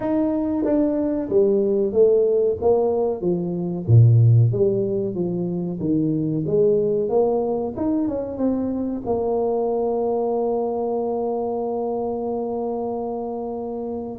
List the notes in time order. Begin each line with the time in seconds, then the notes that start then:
0.00 D#4
0.64 D4
1.29 G3
1.92 A3
2.61 A#3
3.21 F3
3.87 A#2
4.52 G3
5.14 F3
5.80 D#3
6.46 G#3
7.09 A#3
7.76 D#4
8.08 C#4
8.37 C4
9.05 A#3